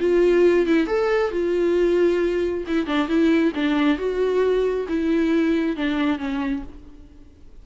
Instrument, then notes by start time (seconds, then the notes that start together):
viola
0.00 F4
0.67 E4
0.87 A4
1.31 F4
2.67 E4
2.87 D4
3.08 E4
3.55 D4
3.98 F#4
4.89 E4
5.77 D4
6.18 C#4